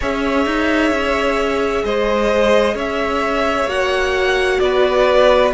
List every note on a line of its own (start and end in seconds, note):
0.00 0.46 C#4
0.00 3.67 G#4
0.00 1.84 C#5
0.00 1.84 E5
0.46 0.91 D#4
0.91 1.83 C#4
1.84 2.74 G#3
1.84 2.75 C5
1.84 2.77 D#5
2.74 3.66 C#4
2.74 4.59 C#5
2.74 3.69 E5
3.66 4.58 A#3
3.66 5.52 F#4
3.66 4.59 F#5
4.59 5.52 B3
4.59 5.53 B4
4.59 5.51 D5